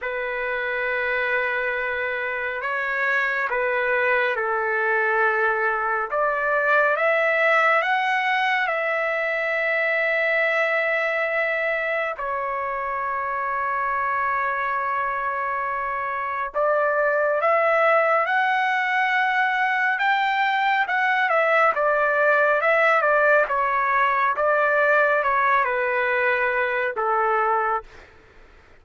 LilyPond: \new Staff \with { instrumentName = "trumpet" } { \time 4/4 \tempo 4 = 69 b'2. cis''4 | b'4 a'2 d''4 | e''4 fis''4 e''2~ | e''2 cis''2~ |
cis''2. d''4 | e''4 fis''2 g''4 | fis''8 e''8 d''4 e''8 d''8 cis''4 | d''4 cis''8 b'4. a'4 | }